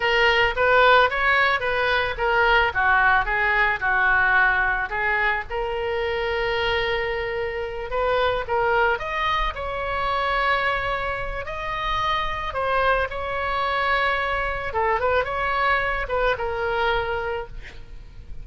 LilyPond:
\new Staff \with { instrumentName = "oboe" } { \time 4/4 \tempo 4 = 110 ais'4 b'4 cis''4 b'4 | ais'4 fis'4 gis'4 fis'4~ | fis'4 gis'4 ais'2~ | ais'2~ ais'8 b'4 ais'8~ |
ais'8 dis''4 cis''2~ cis''8~ | cis''4 dis''2 c''4 | cis''2. a'8 b'8 | cis''4. b'8 ais'2 | }